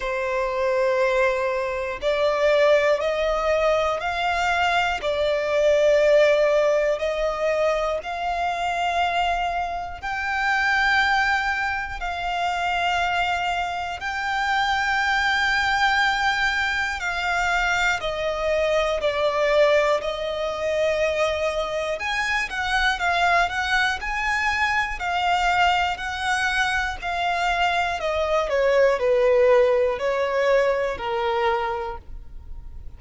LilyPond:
\new Staff \with { instrumentName = "violin" } { \time 4/4 \tempo 4 = 60 c''2 d''4 dis''4 | f''4 d''2 dis''4 | f''2 g''2 | f''2 g''2~ |
g''4 f''4 dis''4 d''4 | dis''2 gis''8 fis''8 f''8 fis''8 | gis''4 f''4 fis''4 f''4 | dis''8 cis''8 b'4 cis''4 ais'4 | }